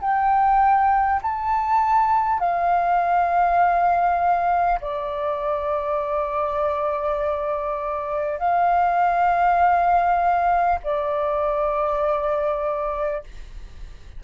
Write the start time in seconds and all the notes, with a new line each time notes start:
0.00 G5
1.22 A5
2.39 F5
4.80 D5
8.38 F5
10.83 D5